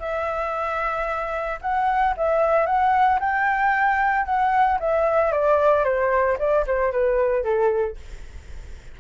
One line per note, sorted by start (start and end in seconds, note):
0.00 1.59 E5
1.62 2.15 F#5
2.17 2.67 E5
2.67 3.20 F#5
3.20 4.26 G5
4.26 4.79 F#5
4.80 5.32 E5
5.32 5.85 D5
5.85 6.38 C5
6.39 6.65 D5
6.67 6.92 C5
6.92 7.44 B4
7.44 7.97 A4